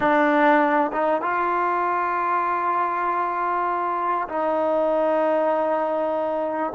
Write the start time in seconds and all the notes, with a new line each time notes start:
0.00 D4
0.92 D#4
1.21 F4
4.28 D#4